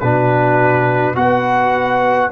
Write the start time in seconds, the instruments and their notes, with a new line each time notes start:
0.00 tuba B2, trombone D4, horn F#4, trumpet B4
1.15 tuba B3, trombone F#4, horn B4, trumpet F#5